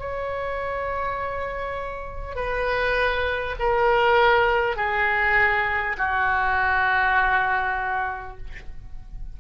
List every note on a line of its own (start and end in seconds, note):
0.00 2.36 C#5
2.36 3.56 B4
3.60 4.77 A#4
4.77 5.97 G#4
5.98 8.38 F#4